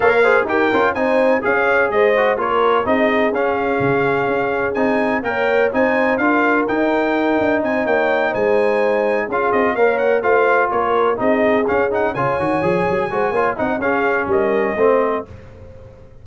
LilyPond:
<<
  \new Staff \with { instrumentName = "trumpet" } { \time 4/4 \tempo 4 = 126 f''4 g''4 gis''4 f''4 | dis''4 cis''4 dis''4 f''4~ | f''2 gis''4 g''4 | gis''4 f''4 g''2 |
gis''8 g''4 gis''2 f''8 | dis''8 f''8 fis''8 f''4 cis''4 dis''8~ | dis''8 f''8 fis''8 gis''2~ gis''8~ | gis''8 fis''8 f''4 dis''2 | }
  \new Staff \with { instrumentName = "horn" } { \time 4/4 cis''8 c''8 ais'4 c''4 cis''4 | c''4 ais'4 gis'2~ | gis'2. cis''4 | c''4 ais'2. |
c''8 cis''4 c''2 gis'8~ | gis'8 cis''4 c''4 ais'4 gis'8~ | gis'4. cis''2 c''8 | cis''8 dis''8 gis'4 ais'4 c''4 | }
  \new Staff \with { instrumentName = "trombone" } { \time 4/4 ais'8 gis'8 g'8 f'8 dis'4 gis'4~ | gis'8 fis'8 f'4 dis'4 cis'4~ | cis'2 dis'4 ais'4 | dis'4 f'4 dis'2~ |
dis'2.~ dis'8 f'8~ | f'8 ais'4 f'2 dis'8~ | dis'8 cis'8 dis'8 f'8 fis'8 gis'4 fis'8 | f'8 dis'8 cis'2 c'4 | }
  \new Staff \with { instrumentName = "tuba" } { \time 4/4 ais4 dis'8 cis'8 c'4 cis'4 | gis4 ais4 c'4 cis'4 | cis4 cis'4 c'4 ais4 | c'4 d'4 dis'4. d'8 |
c'8 ais4 gis2 cis'8 | c'8 ais4 a4 ais4 c'8~ | c'8 cis'4 cis8 dis8 f8 fis8 gis8 | ais8 c'8 cis'4 g4 a4 | }
>>